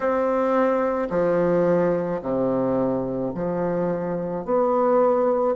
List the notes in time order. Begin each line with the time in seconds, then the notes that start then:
0.00 C4
1.10 F3
2.21 C3
3.34 F3
4.44 B3